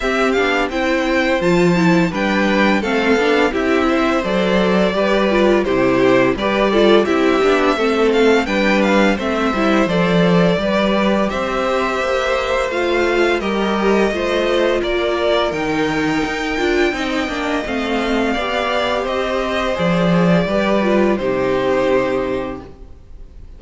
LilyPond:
<<
  \new Staff \with { instrumentName = "violin" } { \time 4/4 \tempo 4 = 85 e''8 f''8 g''4 a''4 g''4 | f''4 e''4 d''2 | c''4 d''4 e''4. f''8 | g''8 f''8 e''4 d''2 |
e''2 f''4 dis''4~ | dis''4 d''4 g''2~ | g''4 f''2 dis''4 | d''2 c''2 | }
  \new Staff \with { instrumentName = "violin" } { \time 4/4 g'4 c''2 b'4 | a'4 g'8 c''4. b'4 | g'4 b'8 a'8 g'4 a'4 | b'4 c''2 b'4 |
c''2. ais'4 | c''4 ais'2. | dis''2 d''4 c''4~ | c''4 b'4 g'2 | }
  \new Staff \with { instrumentName = "viola" } { \time 4/4 c'8 d'8 e'4 f'8 e'8 d'4 | c'8 d'8 e'4 a'4 g'8 f'8 | e'4 g'8 f'8 e'8 d'8 c'4 | d'4 c'8 e'8 a'4 g'4~ |
g'2 f'4 g'4 | f'2 dis'4. f'8 | dis'8 d'8 c'4 g'2 | gis'4 g'8 f'8 dis'2 | }
  \new Staff \with { instrumentName = "cello" } { \time 4/4 c'8 b8 c'4 f4 g4 | a8 b8 c'4 fis4 g4 | c4 g4 c'8 b8 a4 | g4 a8 g8 f4 g4 |
c'4 ais4 a4 g4 | a4 ais4 dis4 dis'8 d'8 | c'8 ais8 a4 b4 c'4 | f4 g4 c2 | }
>>